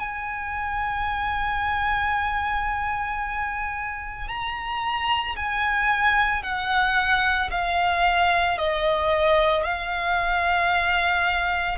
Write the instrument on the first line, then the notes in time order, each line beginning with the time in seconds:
violin
0.00 G#5
4.29 A#5
5.37 G#5
6.43 F#5
7.51 F5
8.59 D#5
9.64 F5